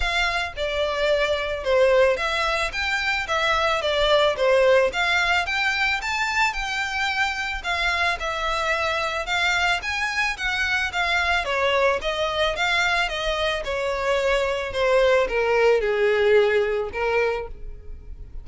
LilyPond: \new Staff \with { instrumentName = "violin" } { \time 4/4 \tempo 4 = 110 f''4 d''2 c''4 | e''4 g''4 e''4 d''4 | c''4 f''4 g''4 a''4 | g''2 f''4 e''4~ |
e''4 f''4 gis''4 fis''4 | f''4 cis''4 dis''4 f''4 | dis''4 cis''2 c''4 | ais'4 gis'2 ais'4 | }